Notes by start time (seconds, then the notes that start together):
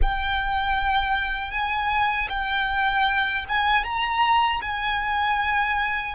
0.02 G5
1.51 G#5
2.29 G5
3.48 G#5
3.84 A#5
4.61 G#5